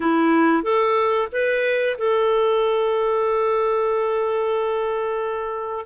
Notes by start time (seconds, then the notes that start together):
0.00 E4
0.63 A4
1.32 B4
1.97 A4